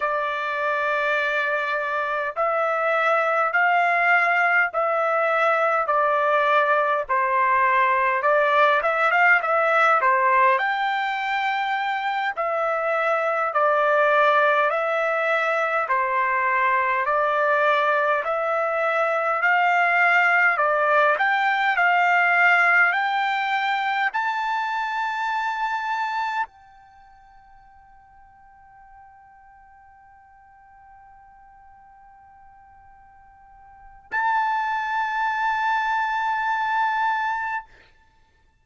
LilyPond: \new Staff \with { instrumentName = "trumpet" } { \time 4/4 \tempo 4 = 51 d''2 e''4 f''4 | e''4 d''4 c''4 d''8 e''16 f''16 | e''8 c''8 g''4. e''4 d''8~ | d''8 e''4 c''4 d''4 e''8~ |
e''8 f''4 d''8 g''8 f''4 g''8~ | g''8 a''2 g''4.~ | g''1~ | g''4 a''2. | }